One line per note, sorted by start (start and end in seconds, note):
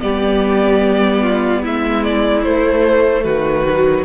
0.00 1.65 G3
0.00 2.44 B3
0.00 1.22 G4
0.00 1.62 D5
1.22 1.62 F4
1.62 2.44 G#3
1.62 3.23 E4
1.62 2.03 E5
2.03 2.42 D5
2.42 3.24 A3
2.42 3.67 A3
2.42 3.23 C5
3.23 4.05 D#3
3.23 4.04 F#4
3.23 4.04 B4
3.67 4.05 F#3